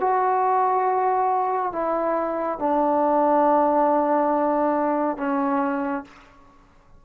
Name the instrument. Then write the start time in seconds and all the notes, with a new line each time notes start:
trombone
0.00 F#4
1.72 E4
2.58 D4
5.17 C#4